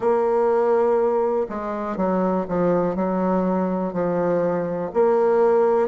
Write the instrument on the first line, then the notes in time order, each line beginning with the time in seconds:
bassoon
0.00 A#3
1.49 G#3
1.96 F#3
2.48 F3
2.95 F#3
3.93 F3
4.93 A#3